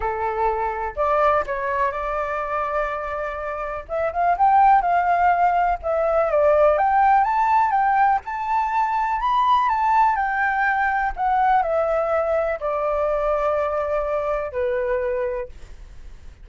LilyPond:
\new Staff \with { instrumentName = "flute" } { \time 4/4 \tempo 4 = 124 a'2 d''4 cis''4 | d''1 | e''8 f''8 g''4 f''2 | e''4 d''4 g''4 a''4 |
g''4 a''2 b''4 | a''4 g''2 fis''4 | e''2 d''2~ | d''2 b'2 | }